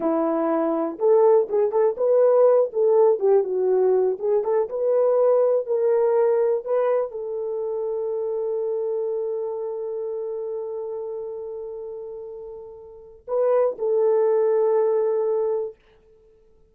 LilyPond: \new Staff \with { instrumentName = "horn" } { \time 4/4 \tempo 4 = 122 e'2 a'4 gis'8 a'8 | b'4. a'4 g'8 fis'4~ | fis'8 gis'8 a'8 b'2 ais'8~ | ais'4. b'4 a'4.~ |
a'1~ | a'1~ | a'2. b'4 | a'1 | }